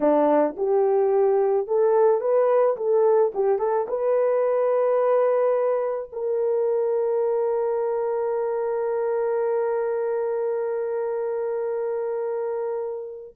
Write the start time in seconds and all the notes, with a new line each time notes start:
0.00 D4
0.57 G4
1.67 A4
2.20 B4
2.77 A4
3.34 G4
3.59 A4
3.87 B4
6.12 A#4